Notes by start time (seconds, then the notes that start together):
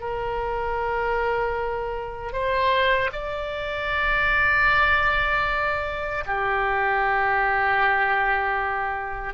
0.00 A#4
2.32 C5
3.12 D5
6.26 G4